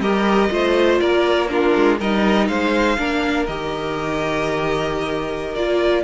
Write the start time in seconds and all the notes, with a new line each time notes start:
0.00 G3 G4 A#4 D#5
0.50 A3 F4 C5
1.01 A#3 A#4 D5
1.49 D4 F4 A#4
1.76 G#3
1.99 G3 D#4 A#4 D#5
2.48 G#3 C5 F5
2.98 A#3 D4 A#4
3.46 D#3 G4 D#5
5.55 A#3 F4 D5